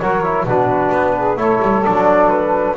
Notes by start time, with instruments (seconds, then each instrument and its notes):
0.00 double bass F#3, trombone F#4, saxophone A#4, flute C#5
0.24 trombone E4
0.45 double bass B2, trombone D4, saxophone F#4, flute B4
0.92 double bass B3
1.17 saxophone G#4
1.37 double bass A3, trombone E4, saxophone A4, flute C#5
1.62 double bass G3
1.85 double bass F#3, trombone D4, flute D5
2.30 flute B4